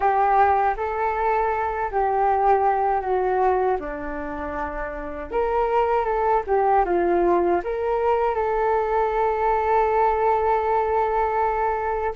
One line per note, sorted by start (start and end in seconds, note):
0.00 0.74 G4
0.76 1.90 A4
1.91 3.01 G4
3.01 3.77 F#4
3.79 5.31 D4
5.31 6.04 A#4
6.04 6.42 A4
6.47 6.85 G4
6.85 7.61 F4
7.64 8.34 A#4
8.34 12.14 A4